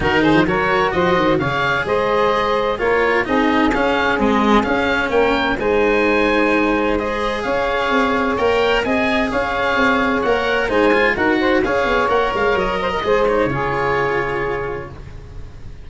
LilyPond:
<<
  \new Staff \with { instrumentName = "oboe" } { \time 4/4 \tempo 4 = 129 ais'8 c''8 cis''4 dis''4 f''4 | dis''2 cis''4 dis''4 | f''4 dis''4 f''4 g''4 | gis''2. dis''4 |
f''2 g''4 gis''4 | f''2 fis''4 gis''4 | fis''4 f''4 fis''8 f''8 dis''4~ | dis''8 cis''2.~ cis''8 | }
  \new Staff \with { instrumentName = "saxophone" } { \time 4/4 fis'8 gis'8 ais'4 c''4 cis''4 | c''2 ais'4 gis'4~ | gis'2. ais'4 | c''1 |
cis''2. dis''4 | cis''2. c''4 | ais'8 c''8 cis''2~ cis''8 c''16 ais'16 | c''4 gis'2. | }
  \new Staff \with { instrumentName = "cello" } { \time 4/4 dis'4 fis'2 gis'4~ | gis'2 f'4 dis'4 | cis'4 gis4 cis'2 | dis'2. gis'4~ |
gis'2 ais'4 gis'4~ | gis'2 ais'4 dis'8 f'8 | fis'4 gis'4 ais'2 | gis'8 dis'8 f'2. | }
  \new Staff \with { instrumentName = "tuba" } { \time 4/4 dis8. f16 fis4 f8 dis8 cis4 | gis2 ais4 c'4 | cis'4 c'4 cis'4 ais4 | gis1 |
cis'4 c'4 ais4 c'4 | cis'4 c'4 ais4 gis4 | dis'4 cis'8 b8 ais8 gis8 fis4 | gis4 cis2. | }
>>